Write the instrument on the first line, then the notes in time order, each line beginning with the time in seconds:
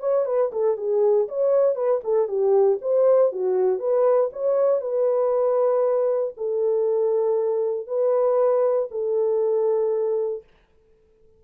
horn
0.00 C#5
0.26 B4
0.52 A4
0.77 G#4
1.28 C#5
1.75 B4
2.04 A4
2.28 G4
2.82 C5
3.32 F#4
3.79 B4
4.32 C#5
4.81 B4
6.37 A4
7.87 B4
8.91 A4